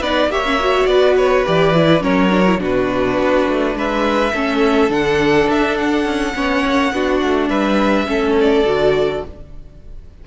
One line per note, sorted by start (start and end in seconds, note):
0.00 0.26 B3
0.00 0.30 D#4
0.00 0.29 B4
0.00 0.31 D5
0.26 0.84 A#3
0.26 0.44 G4
0.26 0.85 E5
0.32 0.89 C#5
0.45 0.59 C#4
0.59 1.45 F#4
0.85 1.43 B3
0.85 2.02 B4
0.85 1.14 D5
1.16 1.45 C#5
1.45 2.01 E3
1.45 1.74 G4
1.45 2.02 D5
1.74 2.00 E4
2.00 2.59 F#3
2.00 2.29 C#4
2.00 2.60 A#4
2.00 2.60 C#5
2.29 2.44 D4
2.46 2.58 E4
2.58 3.17 B2
2.58 4.31 D4
2.58 3.76 F#4
2.58 3.78 B4
3.18 3.47 B3
3.48 3.74 A3
3.74 4.32 G#3
3.74 4.32 B4
3.74 4.92 E5
4.32 4.89 A3
4.32 4.89 C#4
4.32 6.34 A4
4.89 5.47 D3
4.89 6.33 D4
4.89 5.49 F#5
5.49 6.04 D4
5.49 5.77 E5
5.77 7.48 F#5
6.04 6.33 C#4
6.35 6.63 B3
6.35 6.93 C#4
6.35 6.94 C#5
6.66 6.92 A#3
6.92 7.21 B3
6.92 8.06 D4
6.92 7.49 F#4
7.22 7.49 A3
7.48 8.07 G3
7.48 8.07 B4
7.48 8.34 E5
8.06 8.63 A3
8.06 8.64 C#4
8.06 9.25 A4
8.40 9.26 D5
8.63 9.21 D3
8.63 9.23 F#4